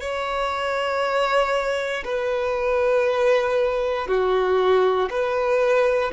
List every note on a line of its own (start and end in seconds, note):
0.00 2.03 C#5
2.04 4.08 B4
4.08 5.09 F#4
5.10 6.12 B4